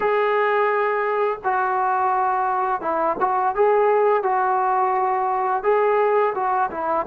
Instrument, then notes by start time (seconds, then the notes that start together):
trombone
0.00 G#4
1.43 F#4
2.81 E4
3.20 F#4
3.55 G#4
4.22 F#4
5.63 G#4
6.34 F#4
6.71 E4